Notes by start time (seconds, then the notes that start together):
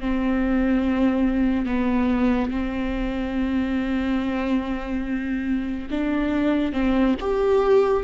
0.00 C4
1.66 B3
2.51 C4
5.91 D4
6.73 C4
7.20 G4